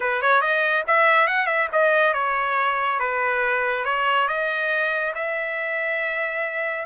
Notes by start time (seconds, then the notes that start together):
0.00 B4
0.21 C#5
0.41 D#5
0.87 E5
1.27 F#5
1.46 E5
1.72 D#5
2.13 C#5
2.99 B4
3.85 C#5
4.27 D#5
5.14 E5